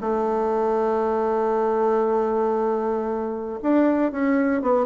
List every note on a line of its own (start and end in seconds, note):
0.00 3.59 A3
3.62 4.11 D4
4.11 4.61 C#4
4.61 4.86 B3